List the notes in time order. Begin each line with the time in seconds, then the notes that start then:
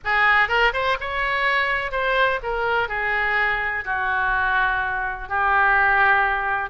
0.04 G#4
0.48 A#4
0.73 C5
1.00 C#5
1.91 C5
2.43 A#4
2.88 G#4
3.84 F#4
5.28 G4